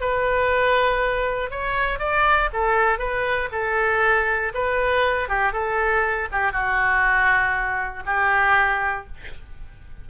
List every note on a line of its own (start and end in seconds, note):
0.00 1.50 B4
1.50 1.99 C#5
1.99 2.49 D5
2.53 2.99 A4
2.99 3.49 B4
3.52 4.52 A4
4.54 5.28 B4
5.28 5.52 G4
5.52 6.28 A4
6.32 6.52 G4
6.52 8.03 F#4
8.06 9.06 G4